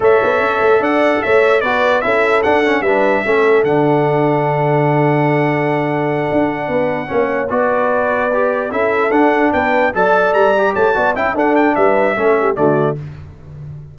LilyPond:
<<
  \new Staff \with { instrumentName = "trumpet" } { \time 4/4 \tempo 4 = 148 e''2 fis''4 e''4 | d''4 e''4 fis''4 e''4~ | e''4 fis''2.~ | fis''1~ |
fis''2~ fis''8 d''4.~ | d''4. e''4 fis''4 g''8~ | g''8 a''4 ais''4 a''4 g''8 | fis''8 g''8 e''2 d''4 | }
  \new Staff \with { instrumentName = "horn" } { \time 4/4 cis''2 d''4 cis''4 | b'4 a'2 b'4 | a'1~ | a'1~ |
a'8 b'4 cis''4 b'4.~ | b'4. a'2 b'8~ | b'8 d''2 cis''8 d''8 e''8 | a'4 b'4 a'8 g'8 fis'4 | }
  \new Staff \with { instrumentName = "trombone" } { \time 4/4 a'1 | fis'4 e'4 d'8 cis'8 d'4 | cis'4 d'2.~ | d'1~ |
d'4. cis'4 fis'4.~ | fis'8 g'4 e'4 d'4.~ | d'8 a'4. g'4 fis'8 e'8 | d'2 cis'4 a4 | }
  \new Staff \with { instrumentName = "tuba" } { \time 4/4 a8 b8 cis'8 a8 d'4 a4 | b4 cis'4 d'4 g4 | a4 d2.~ | d2.~ d8 d'8~ |
d'8 b4 ais4 b4.~ | b4. cis'4 d'4 b8~ | b8 fis4 g4 a8 b8 cis'8 | d'4 g4 a4 d4 | }
>>